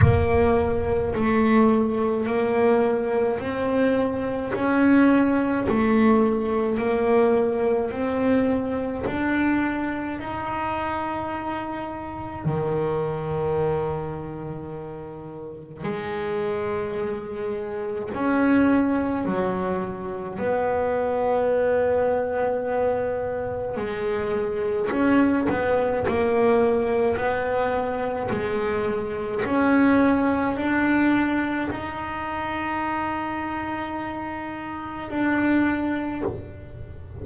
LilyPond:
\new Staff \with { instrumentName = "double bass" } { \time 4/4 \tempo 4 = 53 ais4 a4 ais4 c'4 | cis'4 a4 ais4 c'4 | d'4 dis'2 dis4~ | dis2 gis2 |
cis'4 fis4 b2~ | b4 gis4 cis'8 b8 ais4 | b4 gis4 cis'4 d'4 | dis'2. d'4 | }